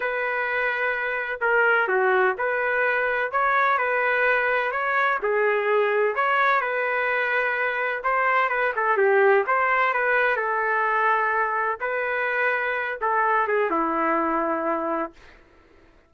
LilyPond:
\new Staff \with { instrumentName = "trumpet" } { \time 4/4 \tempo 4 = 127 b'2. ais'4 | fis'4 b'2 cis''4 | b'2 cis''4 gis'4~ | gis'4 cis''4 b'2~ |
b'4 c''4 b'8 a'8 g'4 | c''4 b'4 a'2~ | a'4 b'2~ b'8 a'8~ | a'8 gis'8 e'2. | }